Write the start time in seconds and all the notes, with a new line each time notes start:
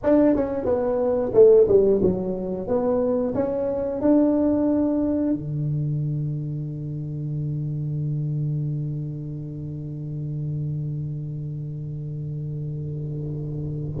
0.03 D4
0.35 C#4
0.65 B3
1.34 A3
1.68 G3
2.02 F#3
2.67 B3
3.34 C#4
4.01 D4
5.33 D3